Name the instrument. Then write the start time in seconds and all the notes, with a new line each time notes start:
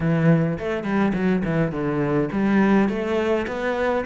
cello
0.00 E3
0.58 A3
0.83 G3
1.14 F#3
1.44 E3
1.71 D3
2.32 G3
2.88 A3
3.47 B3